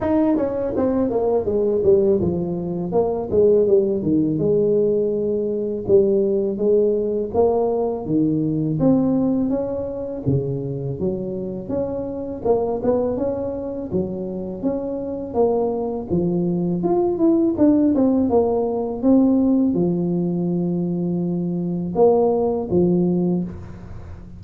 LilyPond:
\new Staff \with { instrumentName = "tuba" } { \time 4/4 \tempo 4 = 82 dis'8 cis'8 c'8 ais8 gis8 g8 f4 | ais8 gis8 g8 dis8 gis2 | g4 gis4 ais4 dis4 | c'4 cis'4 cis4 fis4 |
cis'4 ais8 b8 cis'4 fis4 | cis'4 ais4 f4 f'8 e'8 | d'8 c'8 ais4 c'4 f4~ | f2 ais4 f4 | }